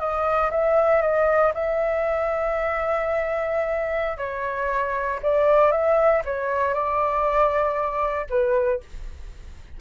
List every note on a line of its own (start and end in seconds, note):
0.00 0.51 D#5
0.51 1.02 E5
1.02 1.53 D#5
1.55 4.18 E5
4.18 5.20 C#5
5.23 5.72 D5
5.72 6.23 E5
6.25 6.74 C#5
6.74 8.27 D5
8.30 8.81 B4